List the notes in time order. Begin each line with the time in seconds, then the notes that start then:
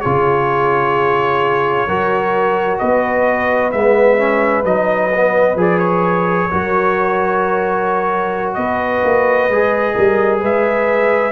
0.00 C#3 F4 G#4 C#5
1.87 F#3 F#4 A#4
2.79 B3 B4 D#5
3.71 G#3 B3 E5
4.18 C#4
4.64 F#3 D#4 D#5
5.14 B3
5.55 F3 G#4 D5
5.79 C#5
6.50 F#3 F#4 A#4
8.54 B3 B4 D#5
9.04 A#3
9.48 G#3 G#4
9.94 G3 A#4
10.40 G#3 B4 E5